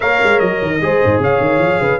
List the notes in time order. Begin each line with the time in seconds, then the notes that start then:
0.00 A#3 A#4 C#5 F5
0.23 G#3
0.39 F#3 D#5
0.61 D#3
0.81 G#3 G#4 C5
1.03 G#2
1.18 C#3 C#5 F5
1.40 D#3
1.58 F3
1.80 C#3 B4